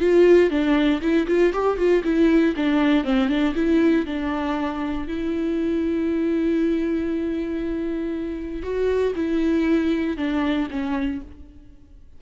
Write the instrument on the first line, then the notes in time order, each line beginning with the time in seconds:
viola
0.00 F4
0.50 D4
1.01 E4
1.28 F4
1.53 G4
1.78 F4
2.04 E4
2.56 D4
3.04 C4
3.29 D4
3.55 E4
4.06 D4
5.08 E4
8.63 F#4
9.15 E4
10.17 D4
10.71 C#4